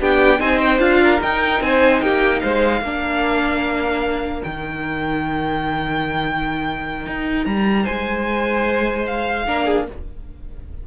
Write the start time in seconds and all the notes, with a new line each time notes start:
0.00 B3 D4 G4 G5
0.39 C4 D#4 C5 G#5
0.59 G5
0.79 D4 F4 F5
1.03 A#4
1.20 D#4 G5
1.60 C4 C5 G#5
2.01 A#3 G4 G5
2.40 G#3 C5 F5
2.81 A#3 D4 A#4
4.44 D#3 D#4 G5
7.06 D#4
7.45 G3 A#5
7.83 G#3 C5 G#5
9.07 F5
9.47 A#3 D4 A#4
9.65 G#4